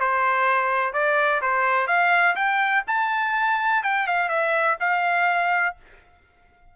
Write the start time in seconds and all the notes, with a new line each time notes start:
0.00 C5
0.93 D5
1.42 C5
1.87 F5
2.35 G5
2.87 A5
3.83 G5
4.07 F5
4.29 E5
4.80 F5